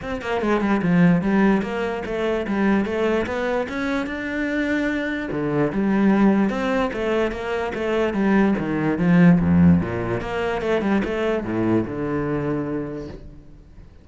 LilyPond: \new Staff \with { instrumentName = "cello" } { \time 4/4 \tempo 4 = 147 c'8 ais8 gis8 g8 f4 g4 | ais4 a4 g4 a4 | b4 cis'4 d'2~ | d'4 d4 g2 |
c'4 a4 ais4 a4 | g4 dis4 f4 f,4 | ais,4 ais4 a8 g8 a4 | a,4 d2. | }